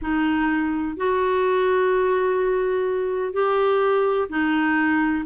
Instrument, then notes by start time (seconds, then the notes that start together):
clarinet
0.01 D#4
0.96 F#4
3.33 G4
4.29 D#4